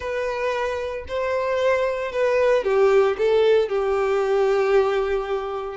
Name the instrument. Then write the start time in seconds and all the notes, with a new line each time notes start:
violin
0.00 B4
1.08 C5
2.11 B4
2.64 G4
3.18 A4
3.68 G4